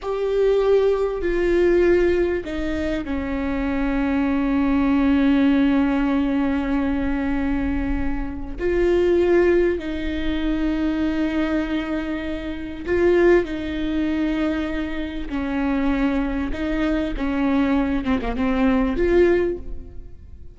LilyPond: \new Staff \with { instrumentName = "viola" } { \time 4/4 \tempo 4 = 98 g'2 f'2 | dis'4 cis'2.~ | cis'1~ | cis'2 f'2 |
dis'1~ | dis'4 f'4 dis'2~ | dis'4 cis'2 dis'4 | cis'4. c'16 ais16 c'4 f'4 | }